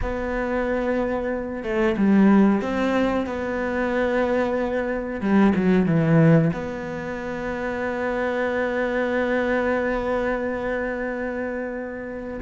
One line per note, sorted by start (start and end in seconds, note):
0.01 1.63 B3
1.63 1.96 A3
1.97 2.61 G3
2.61 3.26 C4
3.26 5.20 B3
5.20 5.53 G3
5.55 5.85 F#3
5.85 6.51 E3
6.53 12.40 B3